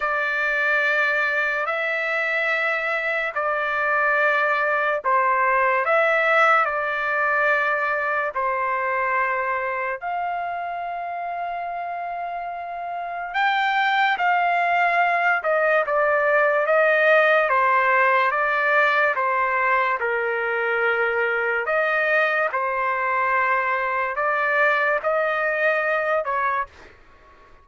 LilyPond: \new Staff \with { instrumentName = "trumpet" } { \time 4/4 \tempo 4 = 72 d''2 e''2 | d''2 c''4 e''4 | d''2 c''2 | f''1 |
g''4 f''4. dis''8 d''4 | dis''4 c''4 d''4 c''4 | ais'2 dis''4 c''4~ | c''4 d''4 dis''4. cis''8 | }